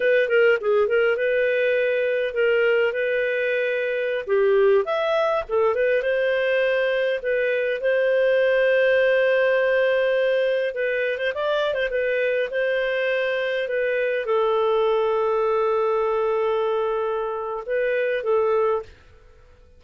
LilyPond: \new Staff \with { instrumentName = "clarinet" } { \time 4/4 \tempo 4 = 102 b'8 ais'8 gis'8 ais'8 b'2 | ais'4 b'2~ b'16 g'8.~ | g'16 e''4 a'8 b'8 c''4.~ c''16~ | c''16 b'4 c''2~ c''8.~ |
c''2~ c''16 b'8. c''16 d''8. | c''16 b'4 c''2 b'8.~ | b'16 a'2.~ a'8.~ | a'2 b'4 a'4 | }